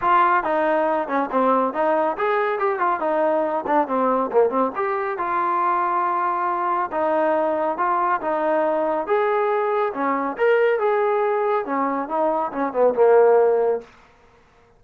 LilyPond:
\new Staff \with { instrumentName = "trombone" } { \time 4/4 \tempo 4 = 139 f'4 dis'4. cis'8 c'4 | dis'4 gis'4 g'8 f'8 dis'4~ | dis'8 d'8 c'4 ais8 c'8 g'4 | f'1 |
dis'2 f'4 dis'4~ | dis'4 gis'2 cis'4 | ais'4 gis'2 cis'4 | dis'4 cis'8 b8 ais2 | }